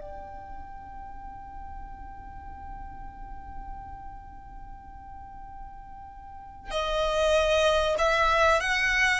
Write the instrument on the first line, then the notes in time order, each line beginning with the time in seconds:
violin
0.00 G5
6.70 D#5
7.98 E5
8.60 F#5